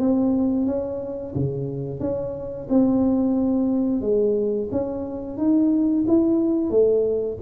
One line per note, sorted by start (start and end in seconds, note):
0.00 0.66 C4
0.66 1.34 C#4
1.35 2.00 C#3
2.00 2.68 C#4
2.70 4.02 C4
4.02 4.69 G#3
4.72 5.38 C#4
5.38 6.05 D#4
6.08 6.71 E4
6.71 7.38 A3